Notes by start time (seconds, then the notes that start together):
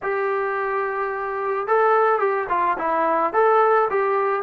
0.02 G4
1.67 A4
2.19 G4
2.49 F4
2.78 E4
3.33 A4
3.89 G4